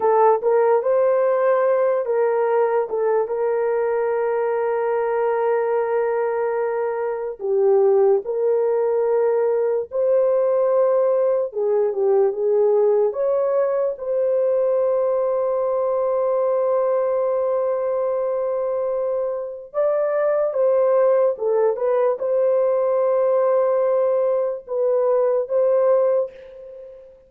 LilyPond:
\new Staff \with { instrumentName = "horn" } { \time 4/4 \tempo 4 = 73 a'8 ais'8 c''4. ais'4 a'8 | ais'1~ | ais'4 g'4 ais'2 | c''2 gis'8 g'8 gis'4 |
cis''4 c''2.~ | c''1 | d''4 c''4 a'8 b'8 c''4~ | c''2 b'4 c''4 | }